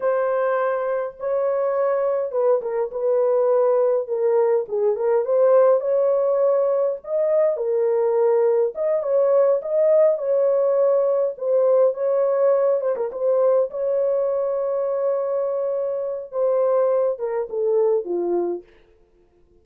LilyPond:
\new Staff \with { instrumentName = "horn" } { \time 4/4 \tempo 4 = 103 c''2 cis''2 | b'8 ais'8 b'2 ais'4 | gis'8 ais'8 c''4 cis''2 | dis''4 ais'2 dis''8 cis''8~ |
cis''8 dis''4 cis''2 c''8~ | c''8 cis''4. c''16 ais'16 c''4 cis''8~ | cis''1 | c''4. ais'8 a'4 f'4 | }